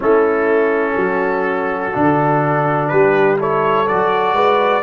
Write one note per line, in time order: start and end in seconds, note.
0.00 0.96 A3
0.00 1.93 C#4
0.00 0.97 E4
0.00 2.88 A4
0.96 1.92 F#3
0.96 2.91 F#4
1.93 2.92 D3
1.93 3.38 D4
2.88 3.88 G3
2.88 3.39 G4
2.88 3.36 B4
3.38 3.86 E4
3.38 4.34 A4
3.38 3.87 C#5
3.87 4.32 F#3
3.87 4.82 F#4
3.87 4.82 D5
4.32 4.81 G#3
4.32 4.82 B4